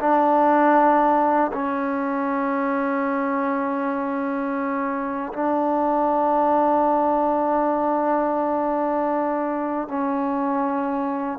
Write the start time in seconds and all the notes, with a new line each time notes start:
0.00 D4
1.53 C#4
5.33 D4
9.89 C#4